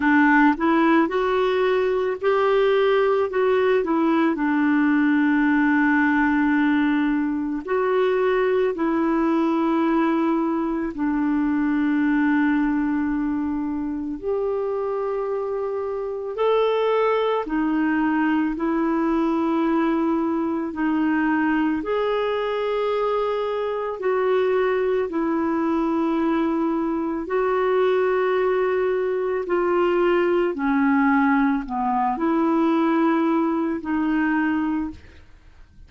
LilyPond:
\new Staff \with { instrumentName = "clarinet" } { \time 4/4 \tempo 4 = 55 d'8 e'8 fis'4 g'4 fis'8 e'8 | d'2. fis'4 | e'2 d'2~ | d'4 g'2 a'4 |
dis'4 e'2 dis'4 | gis'2 fis'4 e'4~ | e'4 fis'2 f'4 | cis'4 b8 e'4. dis'4 | }